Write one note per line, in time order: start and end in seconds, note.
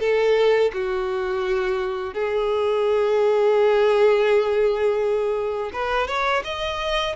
0.00 0.71 A4
0.74 2.14 F#4
2.14 5.71 G#4
5.73 6.07 B4
6.07 6.43 C#5
6.44 7.16 D#5